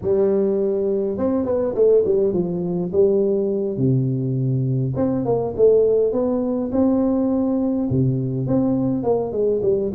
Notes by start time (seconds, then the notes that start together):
0.01 G3
1.17 C4
1.45 B3
1.74 A3
2.05 G3
2.33 F3
2.92 G3
3.77 C3
4.96 C4
5.25 A#3
5.56 A3
6.12 B3
6.71 C4
7.90 C3
8.46 C4
9.03 A#3
9.32 G#3
9.62 G3